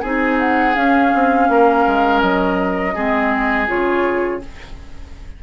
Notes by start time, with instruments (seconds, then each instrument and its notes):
0.00 bassoon C4, clarinet D#4, oboe G#4, flute G#5
0.39 flute F#5
0.74 clarinet C#4, bassoon C#4, flute F5
1.14 bassoon C4
1.48 bassoon A#3, oboe A#4
1.86 bassoon G#3
2.20 bassoon F#3, flute D#5
2.94 bassoon G#3, clarinet C4, oboe G#4
3.67 bassoon C#3, clarinet F4, flute C#5